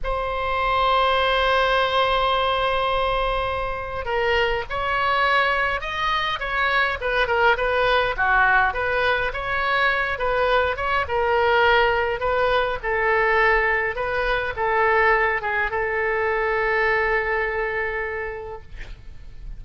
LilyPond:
\new Staff \with { instrumentName = "oboe" } { \time 4/4 \tempo 4 = 103 c''1~ | c''2. ais'4 | cis''2 dis''4 cis''4 | b'8 ais'8 b'4 fis'4 b'4 |
cis''4. b'4 cis''8 ais'4~ | ais'4 b'4 a'2 | b'4 a'4. gis'8 a'4~ | a'1 | }